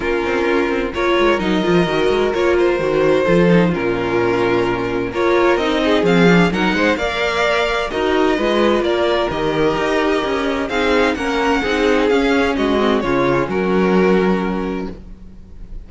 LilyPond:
<<
  \new Staff \with { instrumentName = "violin" } { \time 4/4 \tempo 4 = 129 ais'2 cis''4 dis''4~ | dis''4 cis''8 c''2~ c''8 | ais'2. cis''4 | dis''4 f''4 fis''4 f''4~ |
f''4 dis''2 d''4 | dis''2. f''4 | fis''2 f''4 dis''4 | cis''4 ais'2. | }
  \new Staff \with { instrumentName = "violin" } { \time 4/4 f'2 ais'2~ | ais'2. a'4 | f'2. ais'4~ | ais'8 gis'4. ais'8 c''8 d''4~ |
d''4 ais'4 b'4 ais'4~ | ais'2. gis'4 | ais'4 gis'2 fis'4 | f'4 fis'2. | }
  \new Staff \with { instrumentName = "viola" } { \time 4/4 cis'2 f'4 dis'8 f'8 | fis'4 f'4 fis'4 f'8 dis'8 | cis'2. f'4 | dis'4 c'8 d'8 dis'4 ais'4~ |
ais'4 fis'4 f'2 | g'2. dis'4 | cis'4 dis'4 cis'4. c'8 | cis'1 | }
  \new Staff \with { instrumentName = "cello" } { \time 4/4 ais8 c'8 cis'8 c'8 ais8 gis8 fis8 f8 | dis8 gis8 ais4 dis4 f4 | ais,2. ais4 | c'4 f4 fis8 gis8 ais4~ |
ais4 dis'4 gis4 ais4 | dis4 dis'4 cis'4 c'4 | ais4 c'4 cis'4 gis4 | cis4 fis2. | }
>>